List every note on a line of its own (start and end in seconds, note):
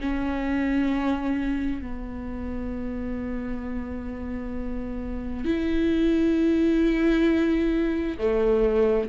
0.00 1.81 C#4
1.81 5.45 B3
5.45 8.18 E4
8.18 9.09 A3